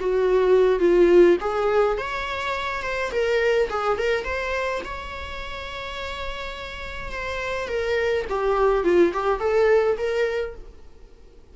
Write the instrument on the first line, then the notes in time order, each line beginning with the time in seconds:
viola
0.00 F#4
0.79 F4
1.40 G#4
1.97 C#5
2.82 C5
3.11 A#4
3.70 G#4
3.98 A#4
4.24 C5
4.84 C#5
7.12 C5
7.68 A#4
8.29 G4
8.84 F4
9.13 G4
9.39 A4
9.98 A#4